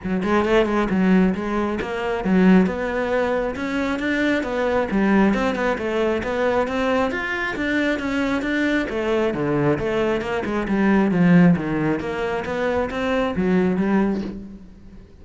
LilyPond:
\new Staff \with { instrumentName = "cello" } { \time 4/4 \tempo 4 = 135 fis8 gis8 a8 gis8 fis4 gis4 | ais4 fis4 b2 | cis'4 d'4 b4 g4 | c'8 b8 a4 b4 c'4 |
f'4 d'4 cis'4 d'4 | a4 d4 a4 ais8 gis8 | g4 f4 dis4 ais4 | b4 c'4 fis4 g4 | }